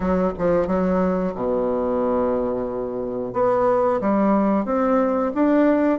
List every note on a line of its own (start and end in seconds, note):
0.00 0.32 F#3
0.38 0.67 F3
0.67 1.33 F#3
1.35 3.33 B2
3.33 4.00 B3
4.00 4.65 G3
4.65 5.32 C4
5.34 5.99 D4